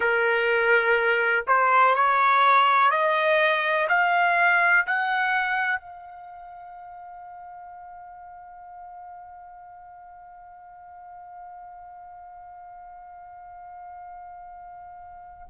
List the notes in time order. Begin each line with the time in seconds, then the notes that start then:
0.00 A#4
1.47 C5
1.95 C#5
2.90 D#5
3.88 F5
4.86 F#5
5.79 F5